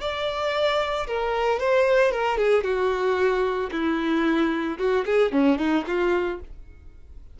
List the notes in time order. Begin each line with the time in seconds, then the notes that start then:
0.00 D5
1.07 A#4
1.59 C5
2.11 A#4
2.37 G#4
2.63 F#4
3.71 E4
4.78 F#4
5.05 G#4
5.31 C#4
5.58 D#4
5.86 F4